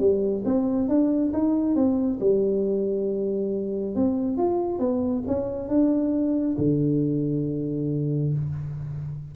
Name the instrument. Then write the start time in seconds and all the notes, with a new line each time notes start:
tuba
0.00 G3
0.45 C4
0.89 D4
1.33 D#4
1.76 C4
2.20 G3
3.96 C4
4.38 F4
4.79 B3
5.27 C#4
5.69 D4
6.58 D3